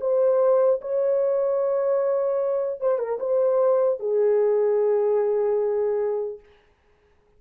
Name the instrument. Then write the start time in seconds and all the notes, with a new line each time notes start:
horn
0.00 C5
0.81 C#5
2.80 C5
2.98 A#4
3.19 C5
3.99 G#4